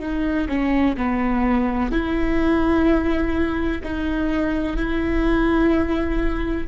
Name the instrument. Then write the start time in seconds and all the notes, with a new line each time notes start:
viola
0.00 D#4
0.48 C#4
0.97 B3
1.91 E4
3.84 D#4
4.77 E4